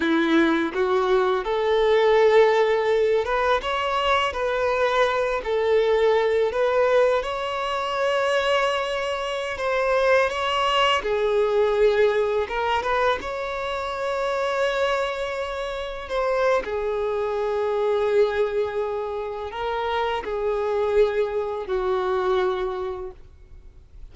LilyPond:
\new Staff \with { instrumentName = "violin" } { \time 4/4 \tempo 4 = 83 e'4 fis'4 a'2~ | a'8 b'8 cis''4 b'4. a'8~ | a'4 b'4 cis''2~ | cis''4~ cis''16 c''4 cis''4 gis'8.~ |
gis'4~ gis'16 ais'8 b'8 cis''4.~ cis''16~ | cis''2~ cis''16 c''8. gis'4~ | gis'2. ais'4 | gis'2 fis'2 | }